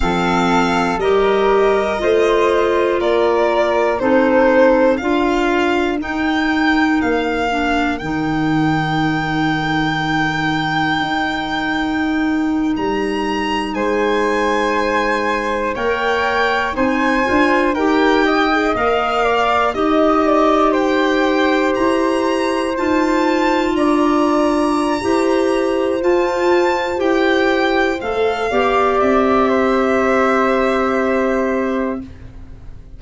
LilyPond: <<
  \new Staff \with { instrumentName = "violin" } { \time 4/4 \tempo 4 = 60 f''4 dis''2 d''4 | c''4 f''4 g''4 f''4 | g''1~ | g''8. ais''4 gis''2 g''16~ |
g''8. gis''4 g''4 f''4 dis''16~ | dis''8. g''4 ais''4 a''4 ais''16~ | ais''2 a''4 g''4 | f''4 e''2. | }
  \new Staff \with { instrumentName = "flute" } { \time 4/4 a'4 ais'4 c''4 ais'4 | a'4 ais'2.~ | ais'1~ | ais'4.~ ais'16 c''2 cis''16~ |
cis''8. c''4 ais'8 dis''4 d''8 dis''16~ | dis''16 d''8 c''2. d''16~ | d''4 c''2.~ | c''8 d''4 c''2~ c''8 | }
  \new Staff \with { instrumentName = "clarinet" } { \time 4/4 c'4 g'4 f'2 | dis'4 f'4 dis'4. d'8 | dis'1~ | dis'2.~ dis'8. ais'16~ |
ais'8. dis'8 f'8 g'8. gis'16 ais'4 g'16~ | g'2~ g'8. f'4~ f'16~ | f'4 g'4 f'4 g'4 | a'8 g'2.~ g'8 | }
  \new Staff \with { instrumentName = "tuba" } { \time 4/4 f4 g4 a4 ais4 | c'4 d'4 dis'4 ais4 | dis2. dis'4~ | dis'8. g4 gis2 ais16~ |
ais8. c'8 d'8 dis'4 ais4 dis'16~ | dis'4.~ dis'16 e'4 dis'4 d'16~ | d'4 e'4 f'4 e'4 | a8 b8 c'2. | }
>>